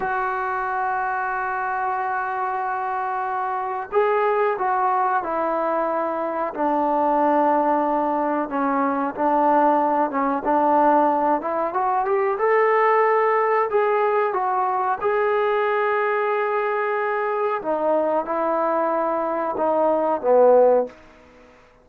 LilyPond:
\new Staff \with { instrumentName = "trombone" } { \time 4/4 \tempo 4 = 92 fis'1~ | fis'2 gis'4 fis'4 | e'2 d'2~ | d'4 cis'4 d'4. cis'8 |
d'4. e'8 fis'8 g'8 a'4~ | a'4 gis'4 fis'4 gis'4~ | gis'2. dis'4 | e'2 dis'4 b4 | }